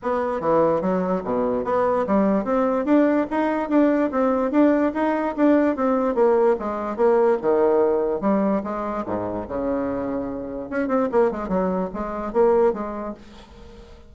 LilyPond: \new Staff \with { instrumentName = "bassoon" } { \time 4/4 \tempo 4 = 146 b4 e4 fis4 b,4 | b4 g4 c'4 d'4 | dis'4 d'4 c'4 d'4 | dis'4 d'4 c'4 ais4 |
gis4 ais4 dis2 | g4 gis4 gis,4 cis4~ | cis2 cis'8 c'8 ais8 gis8 | fis4 gis4 ais4 gis4 | }